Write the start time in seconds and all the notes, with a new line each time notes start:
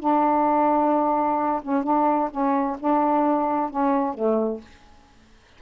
0.00 D4
1.62 C#4
1.84 D4
2.31 C#4
2.80 D4
3.70 C#4
4.15 A3